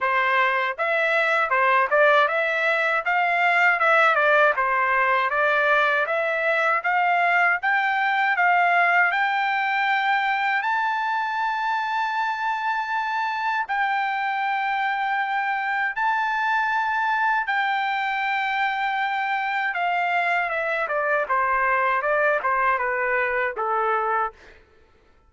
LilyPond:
\new Staff \with { instrumentName = "trumpet" } { \time 4/4 \tempo 4 = 79 c''4 e''4 c''8 d''8 e''4 | f''4 e''8 d''8 c''4 d''4 | e''4 f''4 g''4 f''4 | g''2 a''2~ |
a''2 g''2~ | g''4 a''2 g''4~ | g''2 f''4 e''8 d''8 | c''4 d''8 c''8 b'4 a'4 | }